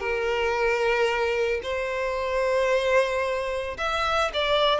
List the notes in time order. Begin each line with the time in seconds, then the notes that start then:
0.00 A#4
1.63 C5
3.77 E5
4.34 D5